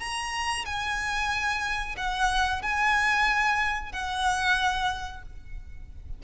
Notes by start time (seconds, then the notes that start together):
0.00 A#5
0.65 G#5
1.97 F#5
2.62 G#5
3.92 F#5